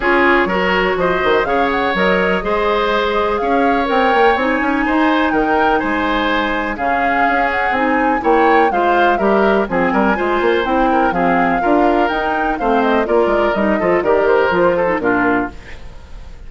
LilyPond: <<
  \new Staff \with { instrumentName = "flute" } { \time 4/4 \tempo 4 = 124 cis''2 dis''4 f''8 fis''8 | dis''2. f''4 | g''4 gis''2 g''4 | gis''2 f''4. fis''8 |
gis''4 g''4 f''4 e''4 | gis''2 g''4 f''4~ | f''4 g''4 f''8 dis''8 d''4 | dis''4 d''8 c''4. ais'4 | }
  \new Staff \with { instrumentName = "oboe" } { \time 4/4 gis'4 ais'4 c''4 cis''4~ | cis''4 c''2 cis''4~ | cis''2 c''4 ais'4 | c''2 gis'2~ |
gis'4 cis''4 c''4 ais'4 | gis'8 ais'8 c''4. ais'8 gis'4 | ais'2 c''4 ais'4~ | ais'8 a'8 ais'4. a'8 f'4 | }
  \new Staff \with { instrumentName = "clarinet" } { \time 4/4 f'4 fis'2 gis'4 | ais'4 gis'2. | ais'4 dis'2.~ | dis'2 cis'2 |
dis'4 e'4 f'4 g'4 | c'4 f'4 e'4 c'4 | f'4 dis'4 c'4 f'4 | dis'8 f'8 g'4 f'8. dis'16 d'4 | }
  \new Staff \with { instrumentName = "bassoon" } { \time 4/4 cis'4 fis4 f8 dis8 cis4 | fis4 gis2 cis'4 | c'8 ais8 c'8 cis'8 dis'4 dis4 | gis2 cis4 cis'4 |
c'4 ais4 gis4 g4 | f8 g8 gis8 ais8 c'4 f4 | d'4 dis'4 a4 ais8 gis8 | g8 f8 dis4 f4 ais,4 | }
>>